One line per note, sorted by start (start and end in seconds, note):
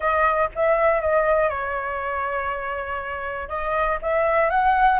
0.00 0.49 D#5
0.55 1.00 E5
1.00 1.49 D#5
1.49 3.48 C#5
3.48 3.98 D#5
4.01 4.50 E5
4.50 4.99 F#5